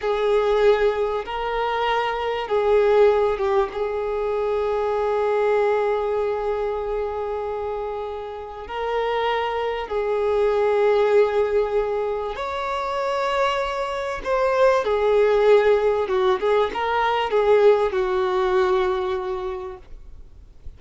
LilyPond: \new Staff \with { instrumentName = "violin" } { \time 4/4 \tempo 4 = 97 gis'2 ais'2 | gis'4. g'8 gis'2~ | gis'1~ | gis'2 ais'2 |
gis'1 | cis''2. c''4 | gis'2 fis'8 gis'8 ais'4 | gis'4 fis'2. | }